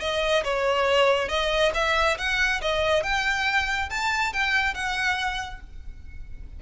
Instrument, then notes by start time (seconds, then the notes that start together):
violin
0.00 D#5
0.43 C#5
1.28 D#5
1.74 E5
2.17 F#5
2.61 D#5
3.03 G5
3.89 A5
4.33 G5
4.74 F#5